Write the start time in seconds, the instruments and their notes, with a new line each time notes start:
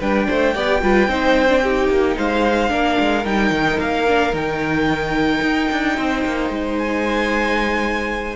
0.00 cello G3, viola D4, violin B4 G5
0.28 cello A3, violin C5
0.55 cello B3, viola G4, violin D5
0.82 cello G3, viola F4, violin B4
1.08 cello C4, viola D#4, violin C5
1.49 viola D4
1.64 viola D#4, violin G4
1.89 cello A#3
2.17 cello G#3, violin C5 F5
2.69 cello A#3, viola D4, violin A#4
3.00 cello G#3
3.26 cello G3, viola D#4, violin G5
3.51 cello D#3
3.80 cello A#3, violin F5
4.08 viola D4
4.33 cello D#3, viola D#4, violin G5
5.42 cello D#4
5.72 cello D4
5.97 cello C4, violin C5
6.26 cello A#3
6.50 cello G#3
6.79 violin G#5